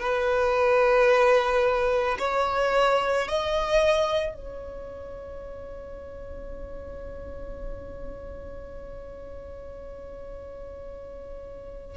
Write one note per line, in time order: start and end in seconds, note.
0.00 2.18 B4
2.19 3.28 C#5
3.28 4.35 D#5
4.35 11.98 C#5